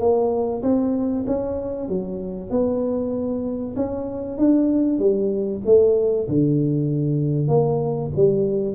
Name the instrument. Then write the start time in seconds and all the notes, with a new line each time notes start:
tuba
0.00 A#3
0.63 C4
1.27 C#4
1.89 F#3
2.50 B3
3.76 C#4
4.38 D4
4.99 G3
5.66 A3
6.28 D3
7.48 A#3
8.16 G3